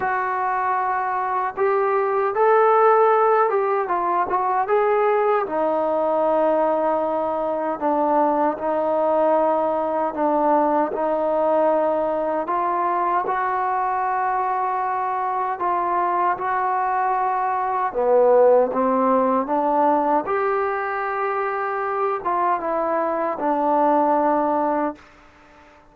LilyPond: \new Staff \with { instrumentName = "trombone" } { \time 4/4 \tempo 4 = 77 fis'2 g'4 a'4~ | a'8 g'8 f'8 fis'8 gis'4 dis'4~ | dis'2 d'4 dis'4~ | dis'4 d'4 dis'2 |
f'4 fis'2. | f'4 fis'2 b4 | c'4 d'4 g'2~ | g'8 f'8 e'4 d'2 | }